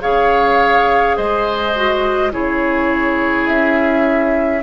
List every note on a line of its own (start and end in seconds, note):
0.00 1.17 C#3
0.00 1.73 G#4
0.00 1.17 C#5
0.00 1.16 F5
1.16 2.33 G#3
1.16 2.32 C5
1.16 2.32 D#5
1.75 2.31 F#4
2.31 3.48 C#3
2.31 4.62 E4
2.31 4.63 G#4
2.31 3.47 C#5
3.47 4.63 C#4
3.47 4.63 E5